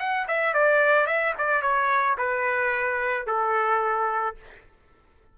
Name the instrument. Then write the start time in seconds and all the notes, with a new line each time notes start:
trumpet
0.00 F#5
0.28 E5
0.54 D5
1.07 E5
1.39 D5
1.62 C#5
2.18 B4
3.27 A4